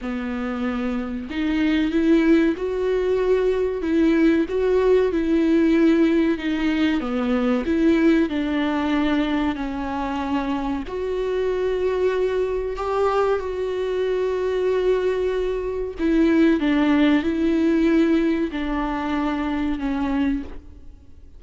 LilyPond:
\new Staff \with { instrumentName = "viola" } { \time 4/4 \tempo 4 = 94 b2 dis'4 e'4 | fis'2 e'4 fis'4 | e'2 dis'4 b4 | e'4 d'2 cis'4~ |
cis'4 fis'2. | g'4 fis'2.~ | fis'4 e'4 d'4 e'4~ | e'4 d'2 cis'4 | }